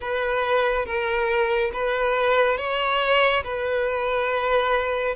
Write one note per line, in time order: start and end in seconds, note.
0.00 0.85 B4
0.85 1.71 A#4
1.73 2.57 B4
2.57 3.43 C#5
3.43 5.15 B4